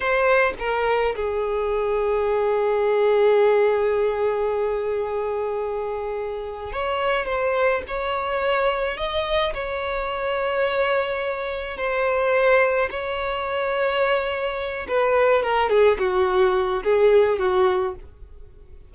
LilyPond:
\new Staff \with { instrumentName = "violin" } { \time 4/4 \tempo 4 = 107 c''4 ais'4 gis'2~ | gis'1~ | gis'1 | cis''4 c''4 cis''2 |
dis''4 cis''2.~ | cis''4 c''2 cis''4~ | cis''2~ cis''8 b'4 ais'8 | gis'8 fis'4. gis'4 fis'4 | }